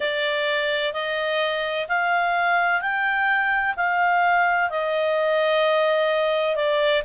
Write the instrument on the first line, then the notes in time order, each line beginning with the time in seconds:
clarinet
0.00 D5
0.93 D#5
1.88 F5
2.81 G5
3.76 F5
4.70 D#5
6.55 D5